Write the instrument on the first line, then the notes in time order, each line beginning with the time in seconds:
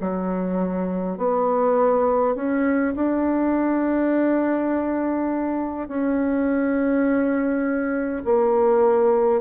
bassoon
0.00 F#3
1.17 B3
2.35 C#4
2.95 D4
5.87 C#4
8.25 A#3